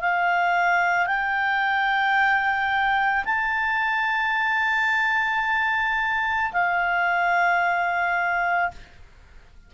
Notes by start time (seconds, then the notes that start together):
0.00 F5
1.06 G5
3.25 A5
6.53 F5